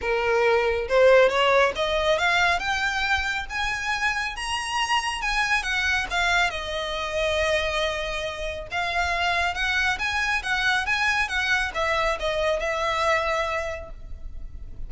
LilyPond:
\new Staff \with { instrumentName = "violin" } { \time 4/4 \tempo 4 = 138 ais'2 c''4 cis''4 | dis''4 f''4 g''2 | gis''2 ais''2 | gis''4 fis''4 f''4 dis''4~ |
dis''1 | f''2 fis''4 gis''4 | fis''4 gis''4 fis''4 e''4 | dis''4 e''2. | }